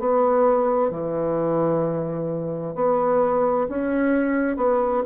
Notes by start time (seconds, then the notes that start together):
0.00 B3
0.91 E3
2.75 B3
3.69 C#4
4.57 B3